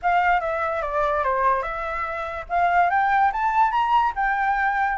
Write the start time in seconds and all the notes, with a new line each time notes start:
0.02 F5
0.40 E5
0.82 D5
1.23 C5
1.62 E5
2.49 F5
2.90 G5
3.32 A5
3.71 A#5
4.15 G5